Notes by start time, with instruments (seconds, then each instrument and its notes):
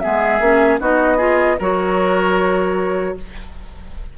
0.00 clarinet B3, oboe G#4, flute E5
0.06 bassoon G#3
0.41 bassoon A#3, clarinet C#4
0.81 bassoon B3, clarinet D#4, oboe F#4, flute D#5
1.18 clarinet F4, oboe G#4
1.59 bassoon F#3, clarinet F#4, oboe A#4, flute C#5